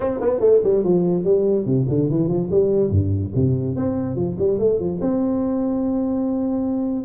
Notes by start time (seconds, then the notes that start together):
0.00 C4
0.21 B3
0.40 A3
0.63 G3
0.83 F3
1.24 G3
1.65 C3
1.89 D3
2.10 E3
2.28 F3
2.50 G3
2.90 G2
3.34 C3
3.76 C4
4.15 F3
4.38 G3
4.58 A3
4.79 F3
5.01 C4